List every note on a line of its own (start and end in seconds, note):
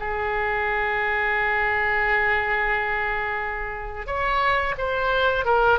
0.00 4.07 G#4
4.07 4.75 C#5
4.78 5.45 C5
5.45 5.79 A#4